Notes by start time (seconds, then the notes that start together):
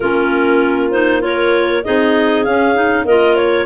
0.00 A#3 C#4 F4 A#4
0.91 D#4 C5
1.21 F4 A#4 C#5
1.84 C4 D#4 G#4 D#5
2.44 C#4 F5
2.74 D#4
3.04 A#3 F4 A#4 D#5
3.36 C#5